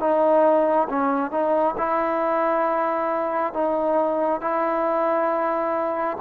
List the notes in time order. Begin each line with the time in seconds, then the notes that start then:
0.00 D#4
0.89 C#4
1.31 D#4
1.78 E4
3.54 D#4
4.41 E4